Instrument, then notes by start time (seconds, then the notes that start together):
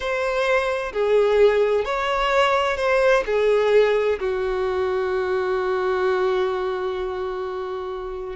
violin
0.00 C5
0.93 G#4
1.84 C#5
2.77 C5
3.26 G#4
4.19 F#4